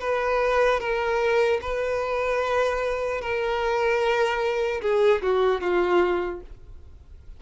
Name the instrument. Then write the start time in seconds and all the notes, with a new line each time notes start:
violin
0.00 B4
0.80 A#4
1.62 B4
3.21 A#4
4.82 G#4
5.22 F#4
5.61 F4